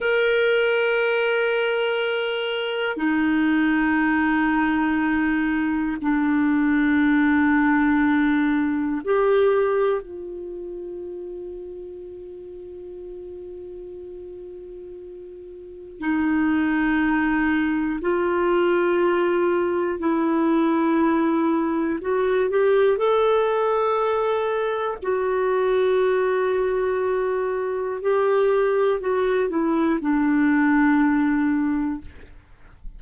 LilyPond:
\new Staff \with { instrumentName = "clarinet" } { \time 4/4 \tempo 4 = 60 ais'2. dis'4~ | dis'2 d'2~ | d'4 g'4 f'2~ | f'1 |
dis'2 f'2 | e'2 fis'8 g'8 a'4~ | a'4 fis'2. | g'4 fis'8 e'8 d'2 | }